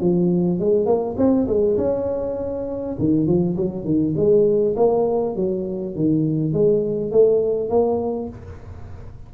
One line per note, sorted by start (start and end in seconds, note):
0.00 0.59 F3
0.59 0.85 G#3
0.85 1.15 A#3
1.17 1.47 C4
1.47 1.77 G#3
1.77 2.96 C#4
2.98 3.26 D#3
3.26 3.56 F3
3.56 3.85 F#3
3.85 4.14 D#3
4.16 4.76 G#3
4.76 5.35 A#3
5.36 5.95 F#3
5.95 6.53 D#3
6.53 7.12 G#3
7.12 7.69 A3
7.69 8.29 A#3